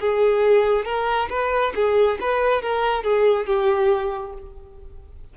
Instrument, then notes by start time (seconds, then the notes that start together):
violin
0.00 G#4
0.85 A#4
1.29 B4
1.75 G#4
2.20 B4
2.62 A#4
3.03 G#4
3.46 G4